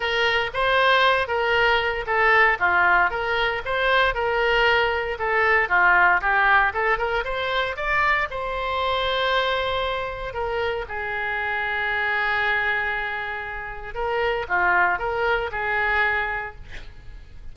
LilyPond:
\new Staff \with { instrumentName = "oboe" } { \time 4/4 \tempo 4 = 116 ais'4 c''4. ais'4. | a'4 f'4 ais'4 c''4 | ais'2 a'4 f'4 | g'4 a'8 ais'8 c''4 d''4 |
c''1 | ais'4 gis'2.~ | gis'2. ais'4 | f'4 ais'4 gis'2 | }